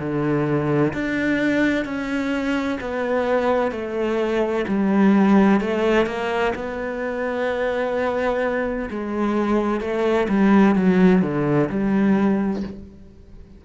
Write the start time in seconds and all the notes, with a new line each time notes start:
0.00 D3
0.94 D4
1.85 C#4
2.81 B3
3.72 A3
4.68 G3
5.61 A3
6.07 A#3
6.55 B3
8.91 G#3
9.81 A3
10.29 G3
10.76 F#3
11.22 D3
11.70 G3